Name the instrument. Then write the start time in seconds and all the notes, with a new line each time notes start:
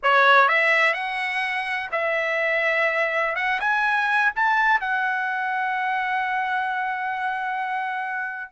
trumpet
0.02 C#5
0.48 E5
0.93 F#5
1.91 E5
3.35 F#5
3.60 G#5
4.35 A5
4.80 F#5